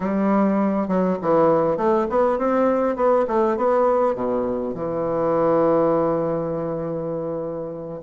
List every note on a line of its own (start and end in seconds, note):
0.00 0.87 G3
0.87 1.17 F#3
1.21 1.77 E3
1.77 2.06 A3
2.09 2.38 B3
2.38 2.95 C4
2.95 3.25 B3
3.27 3.56 A3
3.56 4.15 B3
4.15 4.74 B2
4.74 8.01 E3